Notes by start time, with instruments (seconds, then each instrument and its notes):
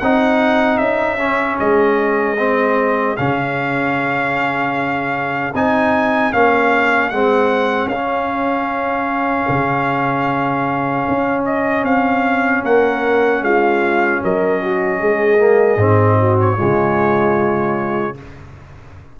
0.00 tuba C4, trombone D#4, horn G#4, trumpet F#5
0.78 tuba C#4, trumpet E5
1.18 trombone C#4
1.60 tuba G#3, trumpet D#5
2.38 trombone C4
3.17 tuba C#3, trombone C#4, trumpet F5
5.54 tuba C4, trombone D#4, trumpet G#5
6.33 tuba A#3, trombone C#4, trumpet F5
7.10 tuba G#3, trombone C4, trumpet F#5
7.86 tuba C#4, trumpet F5
7.92 trombone C#4
9.49 tuba C#3
11.08 tuba C#4
11.45 trumpet D#5
11.84 tuba C4, trumpet F5
12.63 tuba A#3, horn A#4, trumpet F#5
13.41 tuba G#3, horn F4, trumpet F5
14.24 tuba F#3, horn A#4, trumpet D#5
14.63 horn F#4
15.00 tuba G#3, horn G#4
15.39 trombone A#3
15.77 tuba G#2, trombone C4
16.20 horn F#4
16.40 trumpet C#5
16.57 tuba C#3, trombone G#3, horn F4